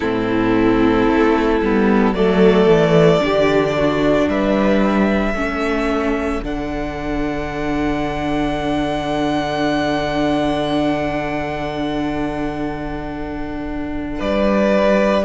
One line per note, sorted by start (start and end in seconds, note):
0.00 1.07 A2
0.00 1.62 C4
0.00 2.14 E4
0.00 2.14 A4
1.07 1.61 A3
1.61 2.13 G3
1.61 2.16 B3
2.13 2.66 F#3
2.13 3.20 A3
2.13 3.23 A4
2.13 4.28 D5
2.66 3.20 E3
3.20 4.27 D3
3.20 5.34 D4
3.20 3.77 G4
3.77 4.29 F#4
4.27 5.33 G3
4.27 5.35 B4
4.27 6.44 E5
5.33 6.40 A3
5.33 6.42 C#4
5.33 14.18 A4
6.42 14.20 D3
6.42 15.24 D4
6.42 14.20 F#5
14.18 15.24 G3
14.18 15.24 B4
14.18 15.24 D5